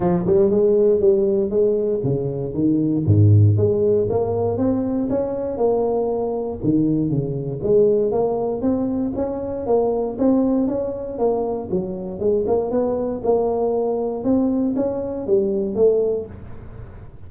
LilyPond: \new Staff \with { instrumentName = "tuba" } { \time 4/4 \tempo 4 = 118 f8 g8 gis4 g4 gis4 | cis4 dis4 gis,4 gis4 | ais4 c'4 cis'4 ais4~ | ais4 dis4 cis4 gis4 |
ais4 c'4 cis'4 ais4 | c'4 cis'4 ais4 fis4 | gis8 ais8 b4 ais2 | c'4 cis'4 g4 a4 | }